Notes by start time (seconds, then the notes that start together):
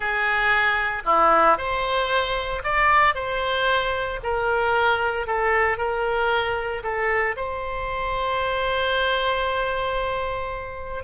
0.00 G#4
1.05 E4
1.57 C5
2.63 D5
3.14 C5
4.23 A#4
5.26 A4
5.77 A#4
6.83 A4
7.36 C5